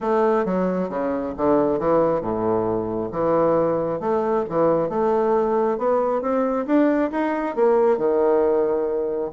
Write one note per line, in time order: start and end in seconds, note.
0.01 0.45 A3
0.45 0.89 F#3
0.89 1.33 C#3
1.37 1.79 D3
1.79 2.21 E3
2.21 3.10 A2
3.11 4.00 E3
4.00 4.44 A3
4.49 4.89 E3
4.89 5.78 A3
5.78 6.21 B3
6.21 6.65 C4
6.66 7.11 D4
7.11 7.55 D#4
7.55 7.97 A#3
7.97 9.31 D#3